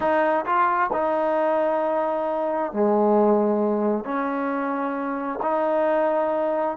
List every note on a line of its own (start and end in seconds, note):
0.00 0.45 D#4
0.45 0.90 F4
0.92 2.72 D#4
2.72 4.04 G#3
4.04 5.39 C#4
5.42 6.77 D#4